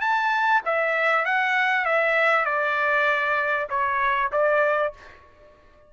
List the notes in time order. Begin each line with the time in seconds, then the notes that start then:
0.00 A5
0.65 E5
1.25 F#5
1.85 E5
2.45 D5
3.69 C#5
4.32 D5